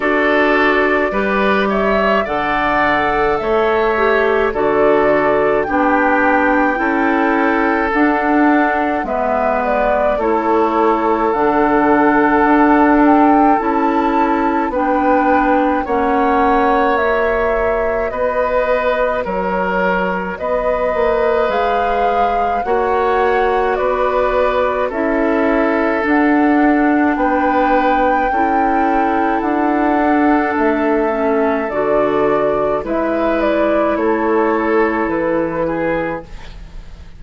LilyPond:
<<
  \new Staff \with { instrumentName = "flute" } { \time 4/4 \tempo 4 = 53 d''4. e''8 fis''4 e''4 | d''4 g''2 fis''4 | e''8 d''8 cis''4 fis''4. g''8 | a''4 g''4 fis''4 e''4 |
dis''4 cis''4 dis''4 f''4 | fis''4 d''4 e''4 fis''4 | g''2 fis''4 e''4 | d''4 e''8 d''8 cis''4 b'4 | }
  \new Staff \with { instrumentName = "oboe" } { \time 4/4 a'4 b'8 cis''8 d''4 cis''4 | a'4 g'4 a'2 | b'4 a'2.~ | a'4 b'4 cis''2 |
b'4 ais'4 b'2 | cis''4 b'4 a'2 | b'4 a'2.~ | a'4 b'4 a'4. gis'8 | }
  \new Staff \with { instrumentName = "clarinet" } { \time 4/4 fis'4 g'4 a'4. g'8 | fis'4 d'4 e'4 d'4 | b4 e'4 d'2 | e'4 d'4 cis'4 fis'4~ |
fis'2. gis'4 | fis'2 e'4 d'4~ | d'4 e'4. d'4 cis'8 | fis'4 e'2. | }
  \new Staff \with { instrumentName = "bassoon" } { \time 4/4 d'4 g4 d4 a4 | d4 b4 cis'4 d'4 | gis4 a4 d4 d'4 | cis'4 b4 ais2 |
b4 fis4 b8 ais8 gis4 | ais4 b4 cis'4 d'4 | b4 cis'4 d'4 a4 | d4 gis4 a4 e4 | }
>>